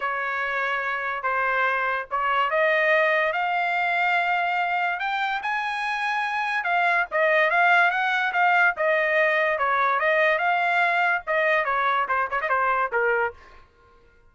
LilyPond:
\new Staff \with { instrumentName = "trumpet" } { \time 4/4 \tempo 4 = 144 cis''2. c''4~ | c''4 cis''4 dis''2 | f''1 | g''4 gis''2. |
f''4 dis''4 f''4 fis''4 | f''4 dis''2 cis''4 | dis''4 f''2 dis''4 | cis''4 c''8 cis''16 dis''16 c''4 ais'4 | }